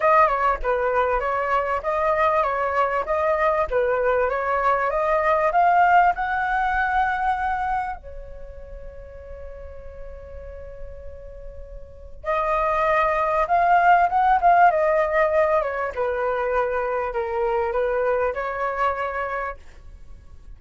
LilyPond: \new Staff \with { instrumentName = "flute" } { \time 4/4 \tempo 4 = 98 dis''8 cis''8 b'4 cis''4 dis''4 | cis''4 dis''4 b'4 cis''4 | dis''4 f''4 fis''2~ | fis''4 cis''2.~ |
cis''1 | dis''2 f''4 fis''8 f''8 | dis''4. cis''8 b'2 | ais'4 b'4 cis''2 | }